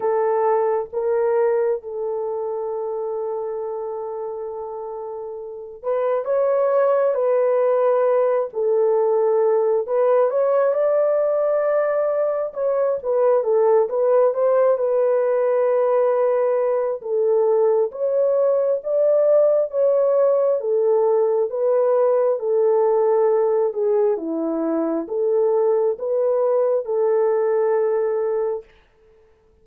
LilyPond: \new Staff \with { instrumentName = "horn" } { \time 4/4 \tempo 4 = 67 a'4 ais'4 a'2~ | a'2~ a'8 b'8 cis''4 | b'4. a'4. b'8 cis''8 | d''2 cis''8 b'8 a'8 b'8 |
c''8 b'2~ b'8 a'4 | cis''4 d''4 cis''4 a'4 | b'4 a'4. gis'8 e'4 | a'4 b'4 a'2 | }